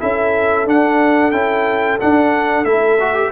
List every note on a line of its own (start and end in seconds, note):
0.00 0.67 C#4
0.00 0.66 E4
0.00 3.32 A4
0.00 0.67 E5
0.66 1.33 D4
0.66 1.32 D4
0.66 1.32 F#5
1.32 1.99 C#4
1.32 2.00 E4
1.32 1.98 G5
2.00 2.66 D4
2.00 2.65 D4
2.00 2.65 F#5
2.65 3.32 A3
2.65 2.99 E4
2.65 3.32 E5
3.00 3.15 F#4
3.15 3.31 G4